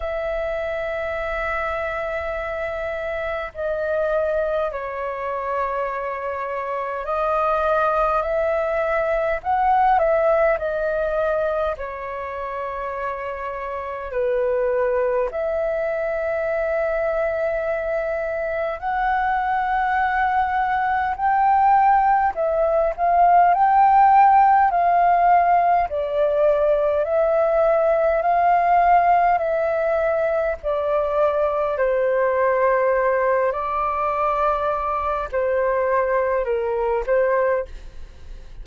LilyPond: \new Staff \with { instrumentName = "flute" } { \time 4/4 \tempo 4 = 51 e''2. dis''4 | cis''2 dis''4 e''4 | fis''8 e''8 dis''4 cis''2 | b'4 e''2. |
fis''2 g''4 e''8 f''8 | g''4 f''4 d''4 e''4 | f''4 e''4 d''4 c''4~ | c''8 d''4. c''4 ais'8 c''8 | }